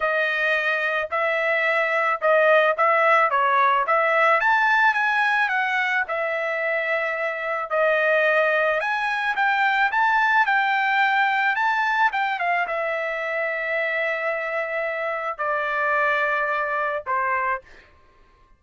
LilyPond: \new Staff \with { instrumentName = "trumpet" } { \time 4/4 \tempo 4 = 109 dis''2 e''2 | dis''4 e''4 cis''4 e''4 | a''4 gis''4 fis''4 e''4~ | e''2 dis''2 |
gis''4 g''4 a''4 g''4~ | g''4 a''4 g''8 f''8 e''4~ | e''1 | d''2. c''4 | }